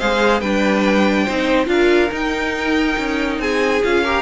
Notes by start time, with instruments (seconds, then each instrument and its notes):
0.00 cello G#3, viola G#4, violin C5 F5
0.41 cello G3, viola D4, violin B4 G5
1.25 cello C4, viola D#4, violin C5
1.66 cello D4, viola F4, violin F5
1.72 violin A#4
2.11 viola D#4, cello D#4, violin G5
2.98 cello C#4
3.39 cello C4, violin G#4 G#5
3.84 cello C#4, viola F4, violin F5
4.04 viola G4, violin A#4